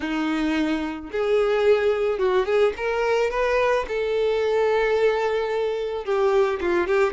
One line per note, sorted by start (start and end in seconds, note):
0.00 1.10 D#4
1.11 2.19 G#4
2.19 2.45 F#4
2.45 2.73 G#4
2.76 3.30 A#4
3.30 3.85 B4
3.88 6.04 A4
6.04 6.59 G4
6.60 6.87 F4
6.87 7.13 G4